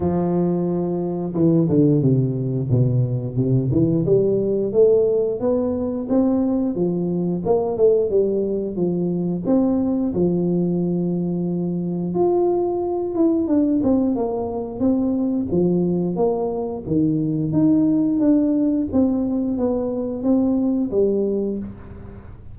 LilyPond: \new Staff \with { instrumentName = "tuba" } { \time 4/4 \tempo 4 = 89 f2 e8 d8 c4 | b,4 c8 e8 g4 a4 | b4 c'4 f4 ais8 a8 | g4 f4 c'4 f4~ |
f2 f'4. e'8 | d'8 c'8 ais4 c'4 f4 | ais4 dis4 dis'4 d'4 | c'4 b4 c'4 g4 | }